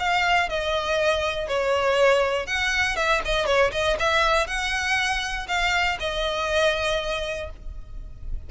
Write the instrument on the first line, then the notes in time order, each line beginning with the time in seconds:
violin
0.00 F5
0.49 D#5
1.48 C#5
2.47 F#5
2.97 E5
3.25 D#5
3.46 C#5
3.72 D#5
3.99 E5
4.47 F#5
5.48 F5
6.00 D#5